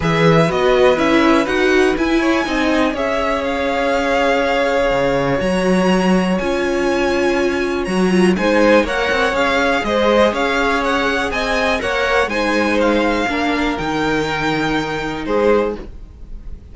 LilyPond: <<
  \new Staff \with { instrumentName = "violin" } { \time 4/4 \tempo 4 = 122 e''4 dis''4 e''4 fis''4 | gis''2 e''4 f''4~ | f''2. ais''4~ | ais''4 gis''2. |
ais''4 gis''4 fis''4 f''4 | dis''4 f''4 fis''4 gis''4 | fis''4 gis''4 f''2 | g''2. c''4 | }
  \new Staff \with { instrumentName = "violin" } { \time 4/4 b'1~ | b'8 cis''8 dis''4 cis''2~ | cis''1~ | cis''1~ |
cis''4 c''4 cis''2 | c''4 cis''2 dis''4 | cis''4 c''2 ais'4~ | ais'2. gis'4 | }
  \new Staff \with { instrumentName = "viola" } { \time 4/4 gis'4 fis'4 e'4 fis'4 | e'4 dis'4 gis'2~ | gis'2. fis'4~ | fis'4 f'2. |
fis'8 f'8 dis'4 ais'4 gis'4~ | gis'1 | ais'4 dis'2 d'4 | dis'1 | }
  \new Staff \with { instrumentName = "cello" } { \time 4/4 e4 b4 cis'4 dis'4 | e'4 c'4 cis'2~ | cis'2 cis4 fis4~ | fis4 cis'2. |
fis4 gis4 ais8 c'8 cis'4 | gis4 cis'2 c'4 | ais4 gis2 ais4 | dis2. gis4 | }
>>